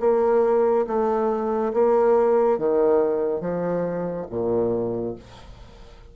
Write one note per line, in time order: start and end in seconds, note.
0.00 0.86 A#3
0.87 1.73 A3
1.74 2.58 A#3
2.58 3.41 D#3
3.41 4.27 F3
4.30 5.15 A#2